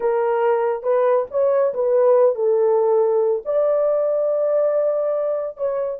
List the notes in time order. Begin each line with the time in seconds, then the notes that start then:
0.00 A#4
0.82 B4
1.31 C#5
1.74 B4
2.35 A4
3.45 D5
5.57 C#5